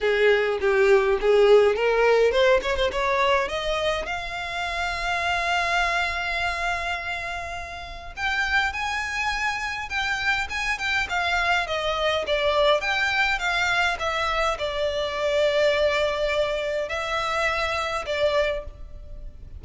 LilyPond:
\new Staff \with { instrumentName = "violin" } { \time 4/4 \tempo 4 = 103 gis'4 g'4 gis'4 ais'4 | c''8 cis''16 c''16 cis''4 dis''4 f''4~ | f''1~ | f''2 g''4 gis''4~ |
gis''4 g''4 gis''8 g''8 f''4 | dis''4 d''4 g''4 f''4 | e''4 d''2.~ | d''4 e''2 d''4 | }